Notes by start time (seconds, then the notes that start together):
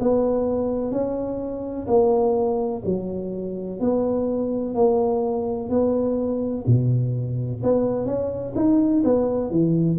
0.00 B3
0.92 C#4
1.87 A#3
2.85 F#3
3.80 B3
4.75 A#3
5.70 B3
6.67 B2
7.64 B3
8.06 C#4
8.56 D#4
9.04 B3
9.51 E3